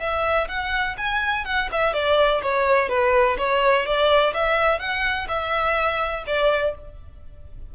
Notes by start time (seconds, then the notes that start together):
0.00 E5
0.48 F#5
0.98 G#5
1.46 F#5
1.72 E5
1.94 D5
2.43 C#5
2.89 B4
3.38 C#5
3.86 D5
4.34 E5
4.80 F#5
5.29 E5
6.27 D5